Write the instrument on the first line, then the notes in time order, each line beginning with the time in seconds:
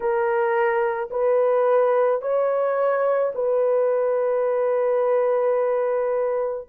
horn
0.00 A#4
1.10 B4
2.21 C#5
3.34 B4